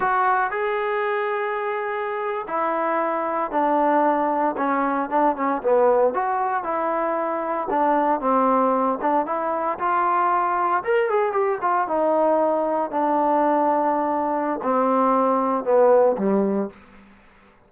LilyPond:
\new Staff \with { instrumentName = "trombone" } { \time 4/4 \tempo 4 = 115 fis'4 gis'2.~ | gis'8. e'2 d'4~ d'16~ | d'8. cis'4 d'8 cis'8 b4 fis'16~ | fis'8. e'2 d'4 c'16~ |
c'4~ c'16 d'8 e'4 f'4~ f'16~ | f'8. ais'8 gis'8 g'8 f'8 dis'4~ dis'16~ | dis'8. d'2.~ d'16 | c'2 b4 g4 | }